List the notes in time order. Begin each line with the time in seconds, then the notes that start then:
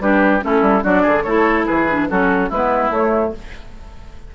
0.00 G3 D4 G4 B4
0.41 A3 C#4 E4 A4
0.62 G3
0.82 F#3 D4 F#4 D5
1.02 D3 G#4
1.23 A3 E4 A4 C#5
1.66 E3 G#4 B4
1.89 D4
2.09 F#3 C#4 F#4 A4
2.49 G#3 B3 E4 B4
2.90 A3 C#5